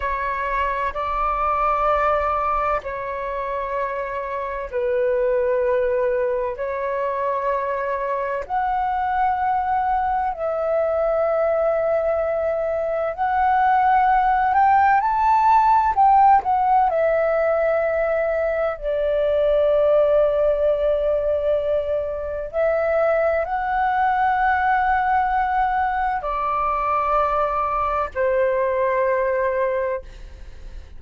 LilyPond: \new Staff \with { instrumentName = "flute" } { \time 4/4 \tempo 4 = 64 cis''4 d''2 cis''4~ | cis''4 b'2 cis''4~ | cis''4 fis''2 e''4~ | e''2 fis''4. g''8 |
a''4 g''8 fis''8 e''2 | d''1 | e''4 fis''2. | d''2 c''2 | }